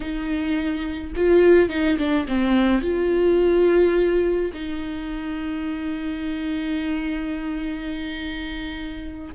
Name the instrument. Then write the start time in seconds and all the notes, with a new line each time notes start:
viola
0.00 D#4
1.16 F4
1.69 D#4
1.98 D4
2.27 C4
2.81 F4
4.53 D#4